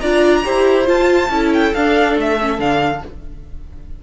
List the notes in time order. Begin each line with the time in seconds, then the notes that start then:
0.00 D4 F4 D5 A#5
0.44 E4 G4 C5
0.85 F4 A5
1.29 C#4 E4 A4
1.53 G5
1.74 D4 F5
2.16 A3 E5
2.40 C#4
2.59 D3 D4 F5